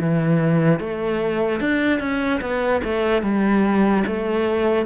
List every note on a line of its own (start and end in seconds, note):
0.00 0.80 E3
0.80 1.61 A3
1.61 2.00 D4
2.00 2.41 C#4
2.41 2.82 B3
2.84 3.23 A3
3.23 4.04 G3
4.07 4.86 A3